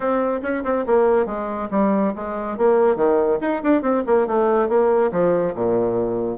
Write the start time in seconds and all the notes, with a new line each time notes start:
0.00 C4
0.42 C#4
0.63 C4
0.86 A#3
1.26 G#3
1.70 G3
2.15 G#3
2.57 A#3
2.96 D#3
3.40 D#4
3.63 D4
3.82 C4
4.06 A#3
4.27 A3
4.68 A#3
5.11 F3
5.54 A#2